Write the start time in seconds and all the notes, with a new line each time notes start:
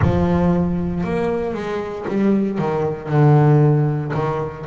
0.02 F3
1.03 A#3
1.53 G#3
2.08 G3
2.58 D#3
3.08 D3
4.13 D#3